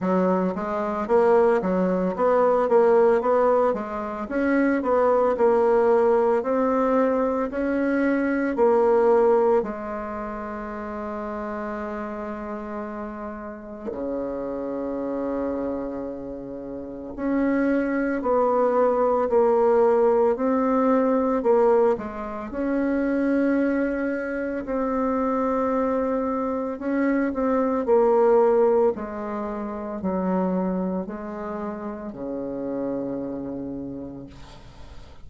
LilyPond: \new Staff \with { instrumentName = "bassoon" } { \time 4/4 \tempo 4 = 56 fis8 gis8 ais8 fis8 b8 ais8 b8 gis8 | cis'8 b8 ais4 c'4 cis'4 | ais4 gis2.~ | gis4 cis2. |
cis'4 b4 ais4 c'4 | ais8 gis8 cis'2 c'4~ | c'4 cis'8 c'8 ais4 gis4 | fis4 gis4 cis2 | }